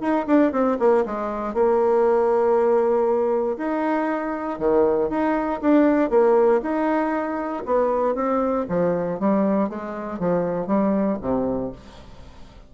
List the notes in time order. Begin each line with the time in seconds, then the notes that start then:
0.00 D#4
0.27 D4
0.52 C4
0.79 A#3
1.05 G#3
1.54 A#3
3.58 D#4
4.59 D#3
5.09 D#4
5.61 D4
6.10 A#3
6.62 D#4
7.65 B3
8.15 C4
8.69 F3
9.20 G3
9.69 G#3
10.19 F3
10.67 G3
11.21 C3